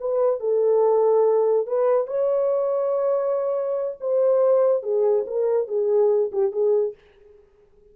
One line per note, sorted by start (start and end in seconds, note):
0.00 0.40 B4
0.40 1.67 A4
1.67 2.07 B4
2.07 3.97 C#5
4.00 4.83 C5
4.83 5.25 G#4
5.27 5.68 A#4
5.68 6.31 G#4
6.32 6.52 G4
6.52 6.94 G#4